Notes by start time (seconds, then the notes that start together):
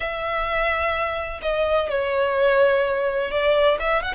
0.00 E5
1.42 D#5
1.89 C#5
3.30 D5
3.79 E5
4.02 F#5